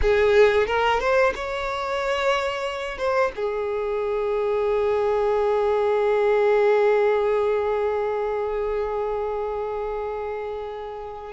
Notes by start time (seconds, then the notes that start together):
0.01 G#4
0.67 A#4
0.99 C5
1.35 C#5
2.98 C5
3.35 G#4